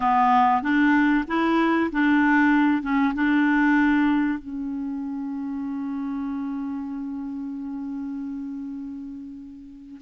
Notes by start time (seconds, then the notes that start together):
0.00 B3
0.62 D4
1.27 E4
1.91 D4
2.82 C#4
3.14 D4
4.38 C#4